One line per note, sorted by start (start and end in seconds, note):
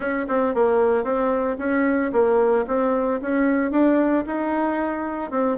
0.00 0.26 C#4
0.28 0.54 C4
0.54 1.04 A#3
1.04 1.57 C4
1.58 2.11 C#4
2.12 2.65 A#3
2.67 3.20 C4
3.21 3.71 C#4
3.71 4.24 D4
4.26 5.30 D#4
5.30 5.57 C4